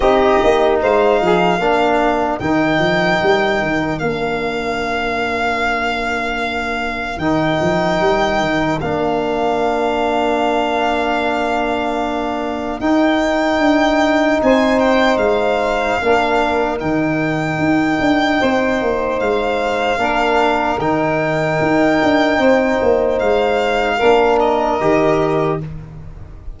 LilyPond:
<<
  \new Staff \with { instrumentName = "violin" } { \time 4/4 \tempo 4 = 75 dis''4 f''2 g''4~ | g''4 f''2.~ | f''4 g''2 f''4~ | f''1 |
g''2 gis''8 g''8 f''4~ | f''4 g''2. | f''2 g''2~ | g''4 f''4. dis''4. | }
  \new Staff \with { instrumentName = "saxophone" } { \time 4/4 g'4 c''8 gis'8 ais'2~ | ais'1~ | ais'1~ | ais'1~ |
ais'2 c''2 | ais'2. c''4~ | c''4 ais'2. | c''2 ais'2 | }
  \new Staff \with { instrumentName = "trombone" } { \time 4/4 dis'2 d'4 dis'4~ | dis'4 d'2.~ | d'4 dis'2 d'4~ | d'1 |
dis'1 | d'4 dis'2.~ | dis'4 d'4 dis'2~ | dis'2 d'4 g'4 | }
  \new Staff \with { instrumentName = "tuba" } { \time 4/4 c'8 ais8 gis8 f8 ais4 dis8 f8 | g8 dis8 ais2.~ | ais4 dis8 f8 g8 dis8 ais4~ | ais1 |
dis'4 d'4 c'4 gis4 | ais4 dis4 dis'8 d'8 c'8 ais8 | gis4 ais4 dis4 dis'8 d'8 | c'8 ais8 gis4 ais4 dis4 | }
>>